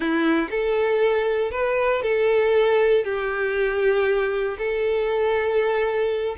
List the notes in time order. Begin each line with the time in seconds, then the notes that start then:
0.00 E4
0.50 A4
1.51 B4
2.02 A4
3.04 G4
4.58 A4